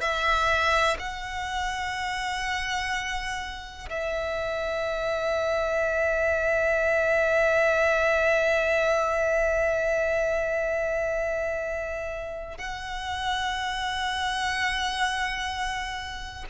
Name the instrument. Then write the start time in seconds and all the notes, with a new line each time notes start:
violin
0.00 E5
0.99 F#5
3.89 E5
12.58 F#5